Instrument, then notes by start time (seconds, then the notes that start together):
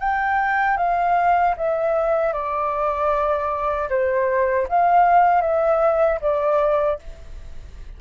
flute
0.00 G5
0.77 F5
1.58 E5
2.33 D5
3.90 C5
4.69 F5
5.42 E5
6.22 D5